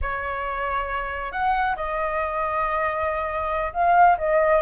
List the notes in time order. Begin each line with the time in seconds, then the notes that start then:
0.01 C#5
1.32 F#5
1.75 D#5
3.73 F5
4.18 D#5